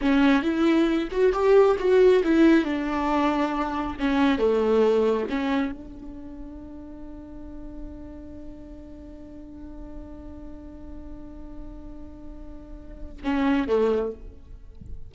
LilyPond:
\new Staff \with { instrumentName = "viola" } { \time 4/4 \tempo 4 = 136 cis'4 e'4. fis'8 g'4 | fis'4 e'4 d'2~ | d'4 cis'4 a2 | cis'4 d'2.~ |
d'1~ | d'1~ | d'1~ | d'2 cis'4 a4 | }